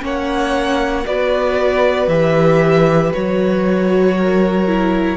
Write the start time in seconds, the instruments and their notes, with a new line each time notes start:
0.00 cello A#3, viola C#4, violin C#5
0.06 violin F#5
1.06 cello B3, viola F#4, violin B4 D5
2.08 cello E3, viola G4, violin E5
3.13 cello F#3, viola F#4, violin C#5
4.17 violin A#4
4.67 viola E4